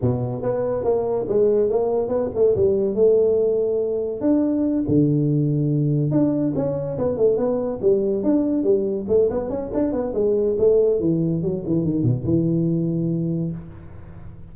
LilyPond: \new Staff \with { instrumentName = "tuba" } { \time 4/4 \tempo 4 = 142 b,4 b4 ais4 gis4 | ais4 b8 a8 g4 a4~ | a2 d'4. d8~ | d2~ d8 d'4 cis'8~ |
cis'8 b8 a8 b4 g4 d'8~ | d'8 g4 a8 b8 cis'8 d'8 b8 | gis4 a4 e4 fis8 e8 | dis8 b,8 e2. | }